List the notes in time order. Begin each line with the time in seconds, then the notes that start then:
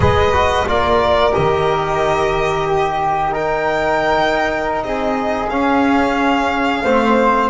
0.00 G#3 G#4 B4 D#5
0.32 F#4
0.67 A#3 F4 A#4 D5
1.31 D#3 G4 D#5
2.67 G4
3.31 D#4 A#4 G5
4.18 D#4
4.83 C4 G#4 D#5
5.49 C#4 F5
6.83 A3 C4 C5